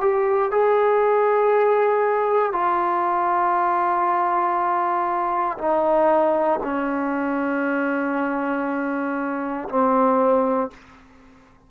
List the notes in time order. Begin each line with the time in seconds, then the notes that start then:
0.00 G4
0.51 G#4
2.52 F4
5.57 D#4
6.63 C#4
9.68 C4